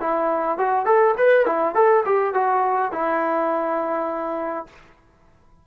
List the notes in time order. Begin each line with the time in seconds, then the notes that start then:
0.00 E4
0.58 F#4
0.86 A4
1.18 B4
1.46 E4
1.75 A4
2.05 G4
2.34 F#4
2.92 E4